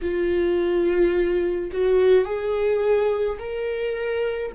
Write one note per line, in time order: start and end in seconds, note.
0.01 1.71 F4
1.72 2.24 F#4
2.24 3.38 G#4
3.39 4.52 A#4